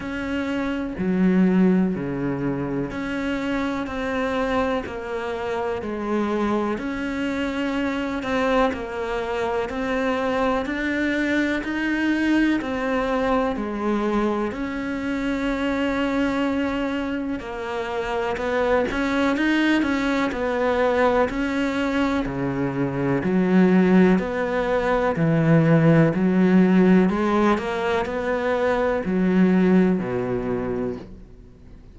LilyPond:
\new Staff \with { instrumentName = "cello" } { \time 4/4 \tempo 4 = 62 cis'4 fis4 cis4 cis'4 | c'4 ais4 gis4 cis'4~ | cis'8 c'8 ais4 c'4 d'4 | dis'4 c'4 gis4 cis'4~ |
cis'2 ais4 b8 cis'8 | dis'8 cis'8 b4 cis'4 cis4 | fis4 b4 e4 fis4 | gis8 ais8 b4 fis4 b,4 | }